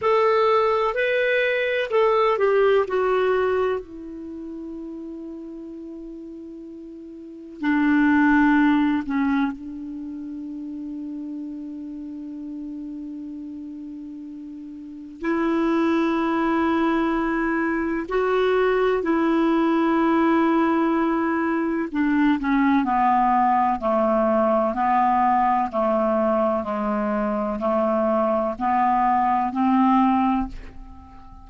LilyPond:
\new Staff \with { instrumentName = "clarinet" } { \time 4/4 \tempo 4 = 63 a'4 b'4 a'8 g'8 fis'4 | e'1 | d'4. cis'8 d'2~ | d'1 |
e'2. fis'4 | e'2. d'8 cis'8 | b4 a4 b4 a4 | gis4 a4 b4 c'4 | }